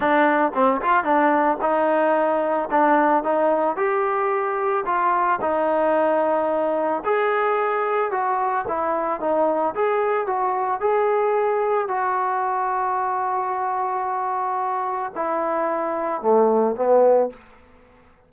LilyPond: \new Staff \with { instrumentName = "trombone" } { \time 4/4 \tempo 4 = 111 d'4 c'8 f'8 d'4 dis'4~ | dis'4 d'4 dis'4 g'4~ | g'4 f'4 dis'2~ | dis'4 gis'2 fis'4 |
e'4 dis'4 gis'4 fis'4 | gis'2 fis'2~ | fis'1 | e'2 a4 b4 | }